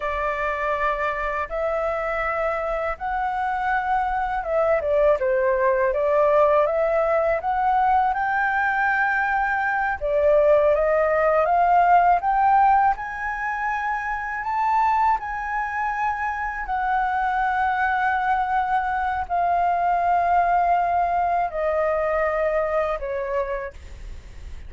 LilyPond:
\new Staff \with { instrumentName = "flute" } { \time 4/4 \tempo 4 = 81 d''2 e''2 | fis''2 e''8 d''8 c''4 | d''4 e''4 fis''4 g''4~ | g''4. d''4 dis''4 f''8~ |
f''8 g''4 gis''2 a''8~ | a''8 gis''2 fis''4.~ | fis''2 f''2~ | f''4 dis''2 cis''4 | }